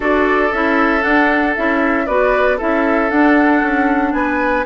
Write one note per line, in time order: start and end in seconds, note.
0.00 0.51 D4
0.00 0.50 F#4
0.00 2.05 A4
0.00 0.52 D5
0.52 1.04 C#4
0.52 1.01 E4
0.52 1.02 E5
1.01 1.52 D4
1.01 1.56 D4
1.01 1.54 F#5
1.55 2.07 C#4
1.55 2.07 E4
1.55 2.06 E5
2.06 2.59 B3
2.06 2.58 F#4
2.06 2.57 B4
2.06 2.58 D5
2.57 3.10 C#4
2.57 3.10 E4
2.57 4.12 A4
2.57 3.10 E5
3.10 4.65 D4
3.10 3.62 D4
3.10 4.12 F#5
3.62 4.12 C#4
4.12 4.64 B3
4.12 4.65 B4
4.12 4.64 G#5